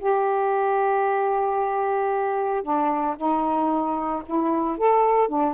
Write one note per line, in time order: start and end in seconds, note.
0.00 2.63 G4
2.63 3.16 D4
3.17 4.23 D#4
4.26 4.78 E4
4.78 5.29 A4
5.29 5.55 D4